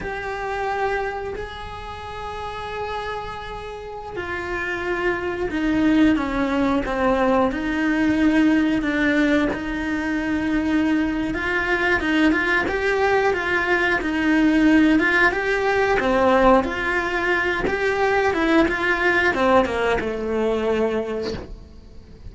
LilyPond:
\new Staff \with { instrumentName = "cello" } { \time 4/4 \tempo 4 = 90 g'2 gis'2~ | gis'2~ gis'16 f'4.~ f'16~ | f'16 dis'4 cis'4 c'4 dis'8.~ | dis'4~ dis'16 d'4 dis'4.~ dis'16~ |
dis'4 f'4 dis'8 f'8 g'4 | f'4 dis'4. f'8 g'4 | c'4 f'4. g'4 e'8 | f'4 c'8 ais8 a2 | }